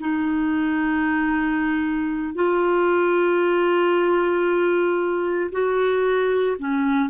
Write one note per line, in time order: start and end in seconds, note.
0.00 2.35 D#4
2.35 5.51 F4
5.52 6.57 F#4
6.59 7.10 C#4